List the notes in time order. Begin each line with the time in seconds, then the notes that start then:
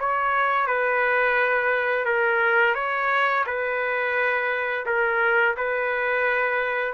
0.00 C#5
0.67 B4
2.05 A#4
2.75 C#5
3.46 B4
4.86 A#4
5.57 B4